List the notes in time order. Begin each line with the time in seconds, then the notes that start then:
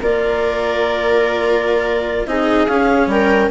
0.00 A#3 F4 A#4 D5
2.26 C4 D#4 G#4 D#5
2.67 C#4 F5
3.07 G3 A#4 G5